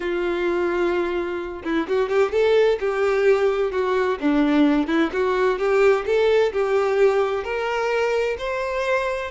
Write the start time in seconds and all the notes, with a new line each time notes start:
0.00 F4
1.64 E4
1.88 F#4
2.09 G4
2.32 A4
2.79 G4
3.71 F#4
4.20 D4
4.87 E4
5.12 F#4
5.58 G4
6.06 A4
6.52 G4
7.43 A#4
8.38 C5